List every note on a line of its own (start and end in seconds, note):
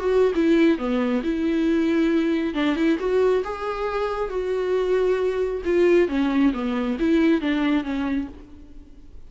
0.00 0.33 F#4
0.35 0.79 E4
0.79 1.23 B3
1.24 2.55 E4
2.55 2.76 D4
2.76 2.98 E4
2.99 3.44 F#4
3.45 4.30 G#4
4.30 5.63 F#4
5.66 6.09 F4
6.09 6.53 C#4
6.54 6.98 B3
7.00 7.42 E4
7.42 7.84 D4
7.84 8.28 C#4